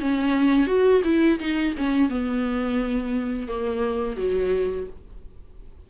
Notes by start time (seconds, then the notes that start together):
0.00 C#4
0.68 F#4
1.05 E4
1.40 D#4
1.78 C#4
2.10 B3
3.49 A#3
4.17 F#3